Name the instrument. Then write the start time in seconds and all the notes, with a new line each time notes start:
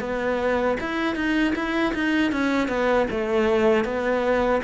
cello
0.00 B3
0.80 E4
1.15 D#4
1.55 E4
1.94 D#4
2.32 C#4
2.68 B3
3.10 A3
3.84 B3